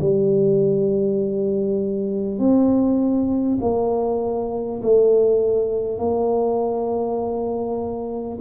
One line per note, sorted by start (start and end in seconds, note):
0.00 2.38 G3
2.38 3.58 C4
3.61 4.81 A#3
4.82 5.98 A3
5.98 8.38 A#3